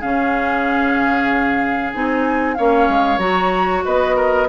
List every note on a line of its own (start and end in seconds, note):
0.00 1.94 C#3
0.00 1.93 C#4
0.00 2.55 G#4
0.00 1.93 F5
1.93 2.58 C4
1.93 2.57 D#4
1.93 2.54 G#5
2.54 2.89 A#3
2.54 3.20 C#4
2.54 3.85 C#5
2.54 3.18 F5
2.89 3.18 G#3
3.18 3.82 F#3
3.18 4.47 F#4
3.18 3.83 A#5
3.85 4.49 B3
3.85 4.16 B4
3.85 4.49 D#5
4.16 4.48 A#4